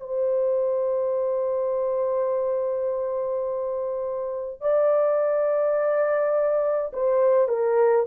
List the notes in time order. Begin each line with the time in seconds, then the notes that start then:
0.00 C5
4.61 D5
6.93 C5
7.48 A#4